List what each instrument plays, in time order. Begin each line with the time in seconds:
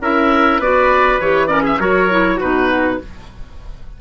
0.00 bassoon C#4, clarinet E4, trumpet A#4, oboe E5
0.59 bassoon B3, clarinet F#4, trumpet B4, oboe D5
1.20 bassoon E3, clarinet G4, oboe C#5
1.47 clarinet C#4, trumpet A#4, oboe D5
1.63 trumpet G#4, oboe E5
1.79 bassoon F#3, clarinet F#4, trumpet A#4, oboe C#5
2.10 clarinet E4
2.37 bassoon B2, clarinet D#4, trumpet F#4, oboe B4